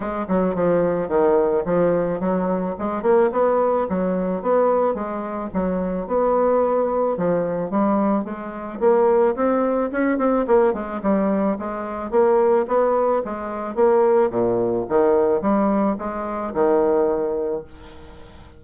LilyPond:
\new Staff \with { instrumentName = "bassoon" } { \time 4/4 \tempo 4 = 109 gis8 fis8 f4 dis4 f4 | fis4 gis8 ais8 b4 fis4 | b4 gis4 fis4 b4~ | b4 f4 g4 gis4 |
ais4 c'4 cis'8 c'8 ais8 gis8 | g4 gis4 ais4 b4 | gis4 ais4 ais,4 dis4 | g4 gis4 dis2 | }